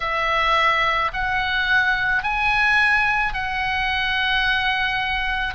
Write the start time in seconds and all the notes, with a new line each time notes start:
0.00 E5
1.13 F#5
2.23 G#5
3.33 F#5